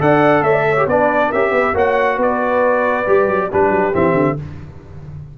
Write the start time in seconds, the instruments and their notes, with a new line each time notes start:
0.00 tuba D4, trombone A4, horn D5, trumpet F#5
0.42 tuba A3, horn C#5, trumpet E5
0.53 horn D5
0.69 horn C#5
0.77 trombone G4
0.87 tuba B3, trombone D4, horn B4, trumpet D5
1.29 tuba C#4, trombone G4, horn A#4, trumpet E5
1.52 tuba B3, horn B4
1.74 tuba A#3, trombone F#4, horn C#5, trumpet F#5
2.17 tuba B3, horn B4, trumpet D5
3.07 tuba G3, trombone G4
3.27 tuba F#3
3.50 tuba G3, trombone D4, horn G4, trumpet B4
3.70 tuba F#3
3.93 tuba E3, trombone C4, trumpet E5
4.14 tuba D3